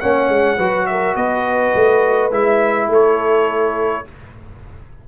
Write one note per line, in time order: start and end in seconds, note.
0.00 0.28 A#3
0.00 0.58 C#4
0.00 0.57 C#5
0.00 0.86 F#5
0.28 0.57 G#3
0.57 1.15 F#3
0.57 2.31 F#4
0.57 0.86 B4
0.86 1.16 A#4
0.86 1.15 E5
1.15 1.73 B3
1.15 2.89 B4
1.15 2.31 D#5
1.74 2.31 A3
2.31 2.88 G#3
2.31 4.04 E4
2.31 2.90 E5
2.88 4.03 A3
2.88 4.05 A4
2.88 4.08 C#5